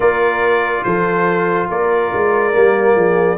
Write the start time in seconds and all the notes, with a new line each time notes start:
0.00 A#3 F4 A#4 D5
0.83 F3 A4 C5
1.68 A#3 A#4 D5
2.13 G#3
2.52 G3 A#3
2.95 F3 G#4